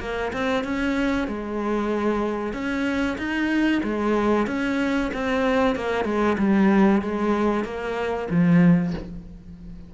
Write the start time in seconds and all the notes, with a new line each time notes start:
0.00 A#3
0.33 C4
0.64 C#4
1.28 G#3
2.53 C#4
3.18 D#4
3.83 G#3
4.47 C#4
5.13 C4
5.75 A#3
6.05 G#3
6.38 G3
7.02 G#3
7.64 A#3
8.30 F3